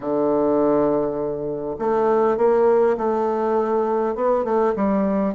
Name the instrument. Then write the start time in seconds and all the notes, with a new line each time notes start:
bassoon
0.00 D3
1.78 A3
2.37 A#3
2.97 A3
4.14 B3
4.44 A3
4.75 G3